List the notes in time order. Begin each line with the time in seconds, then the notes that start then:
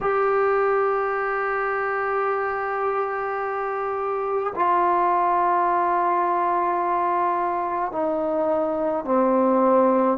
0.00 G4
4.55 F4
7.92 D#4
9.04 C4